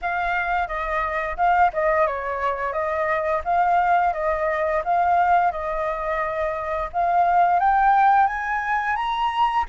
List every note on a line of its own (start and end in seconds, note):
0.01 0.67 F5
0.67 1.36 D#5
1.36 1.71 F5
1.73 2.07 D#5
2.07 2.72 C#5
2.72 3.41 D#5
3.44 4.13 F5
4.13 4.82 D#5
4.84 5.51 F5
5.51 6.89 D#5
6.92 7.59 F5
7.59 8.26 G5
8.26 8.95 G#5
8.96 9.65 A#5